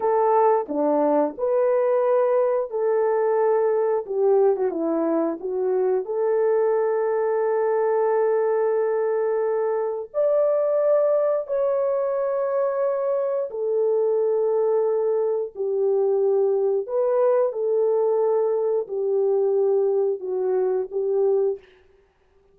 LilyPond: \new Staff \with { instrumentName = "horn" } { \time 4/4 \tempo 4 = 89 a'4 d'4 b'2 | a'2 g'8. fis'16 e'4 | fis'4 a'2.~ | a'2. d''4~ |
d''4 cis''2. | a'2. g'4~ | g'4 b'4 a'2 | g'2 fis'4 g'4 | }